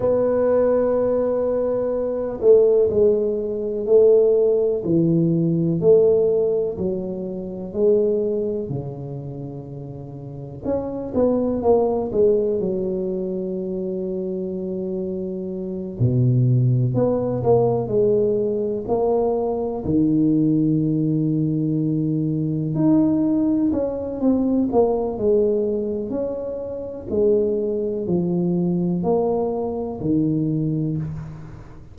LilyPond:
\new Staff \with { instrumentName = "tuba" } { \time 4/4 \tempo 4 = 62 b2~ b8 a8 gis4 | a4 e4 a4 fis4 | gis4 cis2 cis'8 b8 | ais8 gis8 fis2.~ |
fis8 b,4 b8 ais8 gis4 ais8~ | ais8 dis2. dis'8~ | dis'8 cis'8 c'8 ais8 gis4 cis'4 | gis4 f4 ais4 dis4 | }